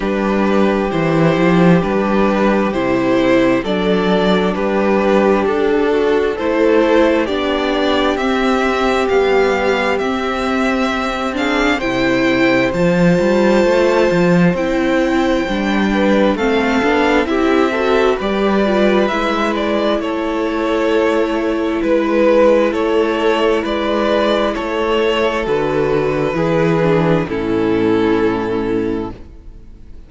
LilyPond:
<<
  \new Staff \with { instrumentName = "violin" } { \time 4/4 \tempo 4 = 66 b'4 c''4 b'4 c''4 | d''4 b'4 a'4 c''4 | d''4 e''4 f''4 e''4~ | e''8 f''8 g''4 a''2 |
g''2 f''4 e''4 | d''4 e''8 d''8 cis''2 | b'4 cis''4 d''4 cis''4 | b'2 a'2 | }
  \new Staff \with { instrumentName = "violin" } { \time 4/4 g'1 | a'4 g'4. fis'8 a'4 | g'1~ | g'8 gis'8 c''2.~ |
c''4. b'8 a'4 g'8 a'8 | b'2 a'2 | b'4 a'4 b'4 a'4~ | a'4 gis'4 e'2 | }
  \new Staff \with { instrumentName = "viola" } { \time 4/4 d'4 e'4 d'4 e'4 | d'2. e'4 | d'4 c'4 g4 c'4~ | c'8 d'8 e'4 f'2 |
e'4 d'4 c'8 d'8 e'8 fis'8 | g'8 f'8 e'2.~ | e'1 | fis'4 e'8 d'8 cis'2 | }
  \new Staff \with { instrumentName = "cello" } { \time 4/4 g4 e8 f8 g4 c4 | fis4 g4 d'4 a4 | b4 c'4 b4 c'4~ | c'4 c4 f8 g8 a8 f8 |
c'4 g4 a8 b8 c'4 | g4 gis4 a2 | gis4 a4 gis4 a4 | d4 e4 a,2 | }
>>